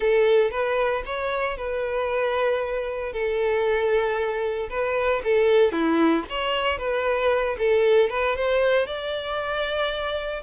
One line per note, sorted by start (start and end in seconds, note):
0.00 0.51 A4
0.51 1.03 B4
1.05 1.57 C#5
1.57 3.12 B4
3.12 4.69 A4
4.69 5.22 B4
5.23 5.72 A4
5.72 6.24 E4
6.29 6.78 C#5
6.78 7.56 B4
7.58 8.09 A4
8.09 8.35 B4
8.36 8.86 C5
8.86 10.42 D5